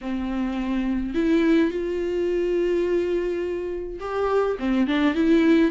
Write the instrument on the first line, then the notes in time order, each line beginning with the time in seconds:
viola
0.01 C4
1.14 E4
1.70 F4
4.00 G4
4.59 C4
4.87 D4
5.14 E4